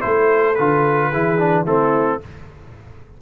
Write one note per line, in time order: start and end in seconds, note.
0.00 0.59 A3
0.00 0.55 E4
0.00 1.10 A4
0.00 0.55 C5
0.55 1.13 D3
0.55 1.13 F4
0.55 1.64 B4
1.10 1.65 E3
1.10 1.38 E4
1.10 1.64 G#4
1.38 1.66 D4
1.64 2.20 A3
1.64 2.21 C4
1.64 2.19 E4
1.64 2.21 A4